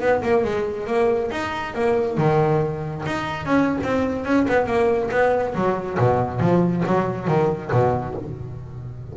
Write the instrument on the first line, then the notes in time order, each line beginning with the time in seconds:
double bass
0.00 B3
0.22 A#3
0.44 G#3
0.87 A#3
1.31 D#4
1.74 A#3
2.17 D#3
3.06 D#4
3.45 C#4
3.83 C4
4.25 C#4
4.48 B3
4.66 A#3
5.11 B3
5.54 F#3
5.98 B2
6.40 F3
6.86 F#3
7.27 D#3
7.71 B2